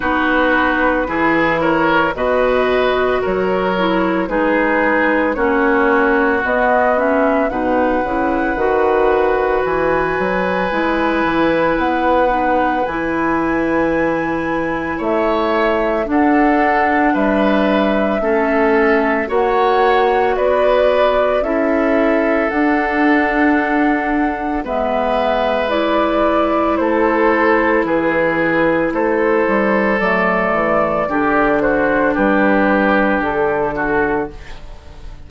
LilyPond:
<<
  \new Staff \with { instrumentName = "flute" } { \time 4/4 \tempo 4 = 56 b'4. cis''8 dis''4 cis''4 | b'4 cis''4 dis''8 e''8 fis''4~ | fis''4 gis''2 fis''4 | gis''2 e''4 fis''4 |
e''2 fis''4 d''4 | e''4 fis''2 e''4 | d''4 c''4 b'4 c''4 | d''4. c''8 b'4 a'4 | }
  \new Staff \with { instrumentName = "oboe" } { \time 4/4 fis'4 gis'8 ais'8 b'4 ais'4 | gis'4 fis'2 b'4~ | b'1~ | b'2 cis''4 a'4 |
b'4 a'4 cis''4 b'4 | a'2. b'4~ | b'4 a'4 gis'4 a'4~ | a'4 g'8 fis'8 g'4. fis'8 | }
  \new Staff \with { instrumentName = "clarinet" } { \time 4/4 dis'4 e'4 fis'4. e'8 | dis'4 cis'4 b8 cis'8 dis'8 e'8 | fis'2 e'4. dis'8 | e'2. d'4~ |
d'4 cis'4 fis'2 | e'4 d'2 b4 | e'1 | a4 d'2. | }
  \new Staff \with { instrumentName = "bassoon" } { \time 4/4 b4 e4 b,4 fis4 | gis4 ais4 b4 b,8 cis8 | dis4 e8 fis8 gis8 e8 b4 | e2 a4 d'4 |
g4 a4 ais4 b4 | cis'4 d'2 gis4~ | gis4 a4 e4 a8 g8 | fis8 e8 d4 g4 d4 | }
>>